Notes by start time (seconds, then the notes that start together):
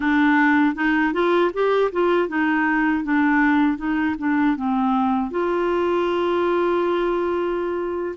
0.00 D4
0.75 D#4
1.13 F4
1.53 G4
1.92 F4
2.28 D#4
3.04 D4
3.77 D#4
4.18 D4
4.56 C4
5.30 F4